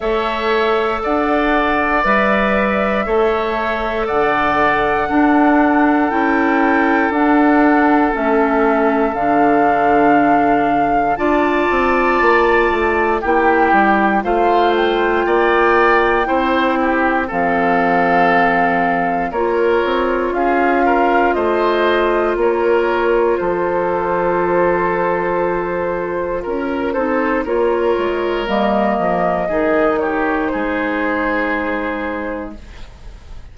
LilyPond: <<
  \new Staff \with { instrumentName = "flute" } { \time 4/4 \tempo 4 = 59 e''4 fis''4 e''2 | fis''2 g''4 fis''4 | e''4 f''2 a''4~ | a''4 g''4 f''8 g''4.~ |
g''4 f''2 cis''4 | f''4 dis''4 cis''4 c''4~ | c''2 ais'8 c''8 cis''4 | dis''4. cis''8 c''2 | }
  \new Staff \with { instrumentName = "oboe" } { \time 4/4 cis''4 d''2 cis''4 | d''4 a'2.~ | a'2. d''4~ | d''4 g'4 c''4 d''4 |
c''8 g'8 a'2 ais'4 | gis'8 ais'8 c''4 ais'4 a'4~ | a'2 ais'8 a'8 ais'4~ | ais'4 gis'8 g'8 gis'2 | }
  \new Staff \with { instrumentName = "clarinet" } { \time 4/4 a'2 b'4 a'4~ | a'4 d'4 e'4 d'4 | cis'4 d'2 f'4~ | f'4 e'4 f'2 |
e'4 c'2 f'4~ | f'1~ | f'2~ f'8 dis'8 f'4 | ais4 dis'2. | }
  \new Staff \with { instrumentName = "bassoon" } { \time 4/4 a4 d'4 g4 a4 | d4 d'4 cis'4 d'4 | a4 d2 d'8 c'8 | ais8 a8 ais8 g8 a4 ais4 |
c'4 f2 ais8 c'8 | cis'4 a4 ais4 f4~ | f2 cis'8 c'8 ais8 gis8 | g8 f8 dis4 gis2 | }
>>